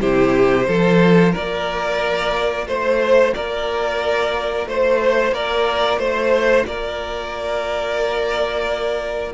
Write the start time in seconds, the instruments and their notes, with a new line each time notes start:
0.00 cello C3, viola E4, violin G4 C5
0.67 cello F3, viola F4, violin A4
1.32 cello A#3, violin A#4 D5
2.67 cello A3, violin C5
3.34 cello A#3, violin A#4 D5
4.66 cello A3, violin C5
5.32 cello A#3, violin A#4 D5
5.98 cello A3, violin C5
6.66 cello A#3, violin A#4 D5